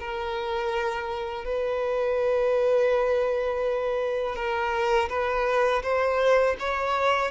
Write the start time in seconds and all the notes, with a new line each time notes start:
0.00 A#4
1.45 B4
4.36 A#4
5.10 B4
5.83 C5
6.60 C#5